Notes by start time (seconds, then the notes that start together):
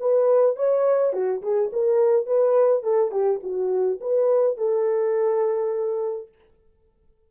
0.00 B4
0.57 C#5
1.14 F#4
1.43 G#4
1.73 A#4
2.26 B4
2.83 A4
3.12 G4
3.43 F#4
4.01 B4
4.58 A4